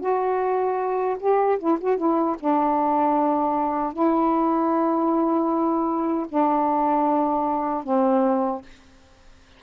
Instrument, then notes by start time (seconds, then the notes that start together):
saxophone
0.00 F#4
1.20 G4
1.59 E4
1.81 F#4
1.97 E4
2.40 D4
3.93 E4
6.29 D4
7.84 C4